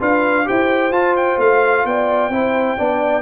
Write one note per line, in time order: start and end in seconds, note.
0.00 0.48 D4
0.00 0.45 F4
0.00 0.47 B4
0.00 0.48 F5
0.45 0.91 E4
0.45 0.91 G4
0.45 1.86 C5
0.45 0.93 G5
0.91 1.37 F4
0.91 2.32 F4
0.91 1.16 A5
1.17 1.40 G5
1.38 1.85 A3
1.38 1.86 F5
1.85 2.29 B3
1.85 2.33 D5
1.85 3.22 G5
2.29 2.76 C4
2.29 2.78 E4
2.29 2.78 C5
2.78 3.22 B3
2.78 3.22 D4
2.78 3.22 D5